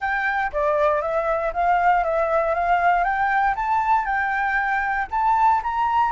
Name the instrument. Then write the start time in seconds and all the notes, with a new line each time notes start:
flute
0.00 G5
0.52 D5
1.01 E5
1.53 F5
2.04 E5
2.54 F5
3.03 G5
3.55 A5
4.05 G5
5.10 A5
5.63 A#5